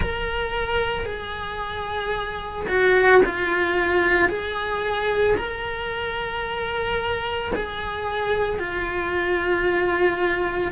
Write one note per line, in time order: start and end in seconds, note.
0.00 1.05 A#4
1.05 2.66 G#4
2.68 3.21 F#4
3.25 4.29 F4
4.29 5.36 G#4
5.37 7.51 A#4
7.55 8.59 G#4
8.59 10.71 F4